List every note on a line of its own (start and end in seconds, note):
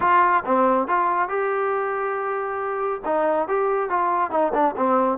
0.00 0.43 F4
0.45 0.87 C4
0.87 1.28 F4
1.28 3.01 G4
3.05 3.47 D#4
3.47 3.89 G4
3.89 4.30 F4
4.30 4.52 D#4
4.53 4.75 D4
4.76 5.18 C4